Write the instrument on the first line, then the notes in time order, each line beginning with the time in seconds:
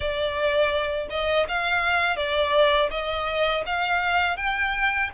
violin
0.00 D5
1.10 D#5
1.48 F5
2.16 D5
2.91 D#5
3.66 F5
4.37 G5